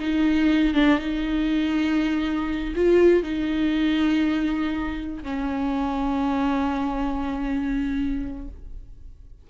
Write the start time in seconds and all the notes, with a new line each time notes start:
0.00 D#4
0.75 D4
0.99 D#4
2.76 F4
3.24 D#4
5.23 C#4